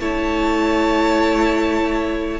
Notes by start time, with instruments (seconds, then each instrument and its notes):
0.00 cello A3, viola E4, violin C#5 A5